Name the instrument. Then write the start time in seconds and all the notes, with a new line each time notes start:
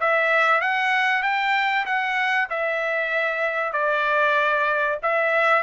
trumpet
0.00 E5
0.61 F#5
1.22 G5
1.86 F#5
2.49 E5
3.72 D5
5.02 E5